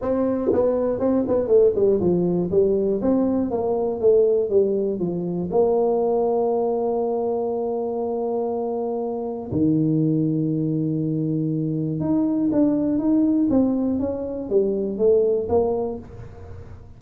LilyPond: \new Staff \with { instrumentName = "tuba" } { \time 4/4 \tempo 4 = 120 c'4 b4 c'8 b8 a8 g8 | f4 g4 c'4 ais4 | a4 g4 f4 ais4~ | ais1~ |
ais2. dis4~ | dis1 | dis'4 d'4 dis'4 c'4 | cis'4 g4 a4 ais4 | }